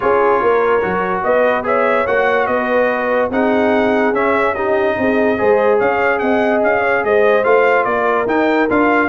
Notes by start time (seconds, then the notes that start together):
0.00 C#4 F4 G#4 C#5
0.41 A#3 A#4
0.81 F#3 F#4
1.23 B3 B4 D#5
1.63 G#4 C#5 E5
2.06 A#3 F#4 F#5
2.46 B3 B4 D#5
3.30 C4 D#4 G#4 F#5
4.12 C#4 E5
4.54 D#4 G4 D#5
4.98 C4 G#4
5.37 G#3 G#4 C5
5.77 C#4 C#5 F5
6.18 C4 D#5 F#5
6.62 C#4 F5
6.80 C#5
7.04 G#3 C5 D#5
7.44 A3 F4 F5
7.84 A#3 A#4 D5
8.26 D#4 G5
8.69 D4 F4 F5